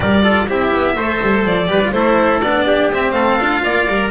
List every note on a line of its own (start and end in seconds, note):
0.00 0.48 G3
0.00 0.22 G4
0.00 0.23 A#4
0.00 0.48 D5
0.22 0.46 F4
0.22 0.47 A4
0.48 0.72 C4
0.48 0.96 E4
0.48 0.96 G4
0.48 1.45 E5
0.72 0.96 B3
0.96 1.20 A3
0.96 1.68 A4
0.96 1.68 C5
1.21 1.45 G3
1.45 1.67 F3
1.45 1.91 D5
1.67 1.91 G3
1.67 1.80 G4
1.67 1.93 B4
1.83 1.93 F4
1.91 2.41 A3
1.91 2.42 E4
1.91 2.66 A4
1.91 2.39 C5
2.41 2.89 B3
2.41 2.92 D4
2.41 2.90 D5
2.66 3.14 G4
2.89 3.12 C4
2.89 3.40 C4
2.89 3.11 E5
3.11 3.36 A3
3.11 3.62 A4
3.11 4.08 F5
3.40 3.63 D4
3.40 3.88 F4
3.63 3.87 A#3
3.63 4.10 D5
3.87 4.10 G3
3.87 4.10 A#4